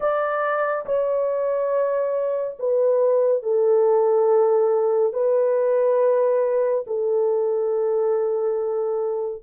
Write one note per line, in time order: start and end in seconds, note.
0.00 0.85 D5
0.85 2.57 C#5
2.59 3.42 B4
3.42 5.13 A4
5.13 6.84 B4
6.86 9.42 A4